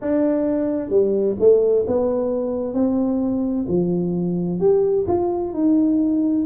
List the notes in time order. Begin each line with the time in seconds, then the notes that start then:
0.01 D4
0.89 G3
1.39 A3
1.87 B3
2.74 C4
3.68 F3
4.59 G4
5.07 F4
5.53 D#4